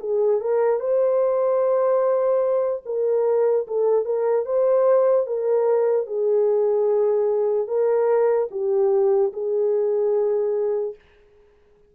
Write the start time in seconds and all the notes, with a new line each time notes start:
0.00 G#4
0.41 A#4
0.80 C5
2.86 A#4
3.67 A4
4.05 A#4
4.46 C5
5.27 A#4
6.07 G#4
7.68 A#4
8.51 G4
9.33 G#4